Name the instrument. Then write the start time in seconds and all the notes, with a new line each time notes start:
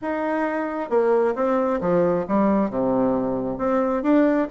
bassoon
0.01 D#4
0.89 A#3
1.35 C4
1.80 F3
2.28 G3
2.69 C3
3.57 C4
4.02 D4